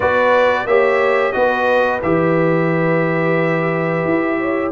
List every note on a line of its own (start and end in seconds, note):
0.00 0.65 B3
0.00 0.67 F#4
0.00 0.66 B4
0.00 0.66 D5
0.65 1.33 A#3
0.65 1.32 G4
0.65 1.34 C#5
0.65 1.32 E5
1.32 2.02 B3
1.32 2.00 F#4
1.32 4.39 B4
1.32 2.00 D#5
2.02 4.04 E3
2.02 4.71 G4
2.02 4.71 E5
4.04 4.71 E4
4.39 4.71 C#5